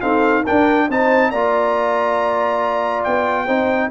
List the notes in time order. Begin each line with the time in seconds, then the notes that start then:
0.00 C4 D#4 A4 F5
0.43 D4 A#4 G5
0.88 C4 D#4 C5 A5
1.30 A#3 F4 D5 A#5
3.03 B3 G5
3.45 C4 D#4 C5